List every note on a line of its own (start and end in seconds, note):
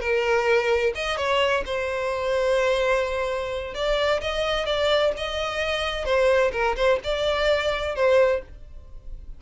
0.00 0.93 A#4
0.95 1.17 D#5
1.17 1.63 C#5
1.66 3.74 C5
3.74 4.21 D5
4.21 4.66 D#5
4.66 5.12 D5
5.17 6.05 D#5
6.05 6.52 C5
6.52 6.76 A#4
6.76 7.00 C5
7.04 7.95 D5
7.95 8.42 C5